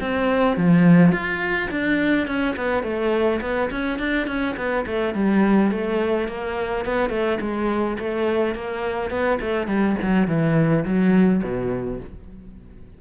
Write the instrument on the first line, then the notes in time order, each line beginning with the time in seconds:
cello
0.00 C4
0.56 F3
1.11 F4
1.70 D4
2.27 C#4
2.56 B3
2.83 A3
3.41 B3
3.70 C#4
3.99 D4
4.27 C#4
4.56 B3
4.86 A3
5.14 G3
5.71 A3
6.28 A#3
6.85 B3
7.09 A3
7.40 G#3
7.99 A3
8.55 A#3
9.10 B3
9.41 A3
9.67 G3
10.02 F#3
10.27 E3
10.84 F#3
11.43 B2